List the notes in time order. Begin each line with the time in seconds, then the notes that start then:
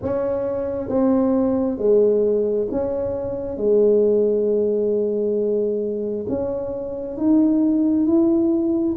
0.02 C#4
0.88 C4
1.77 G#3
2.71 C#4
3.57 G#3
6.28 C#4
7.16 D#4
8.06 E4